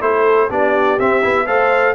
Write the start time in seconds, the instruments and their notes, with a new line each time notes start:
0.00 tuba A3, trombone E4, horn A4, trumpet C5
0.48 tuba B3, trombone D4, horn G4, trumpet D5
0.98 tuba C4, trombone C4, trumpet E5
1.22 tuba B3, trombone E4
1.45 tuba A3, trombone A4, horn C5, trumpet F5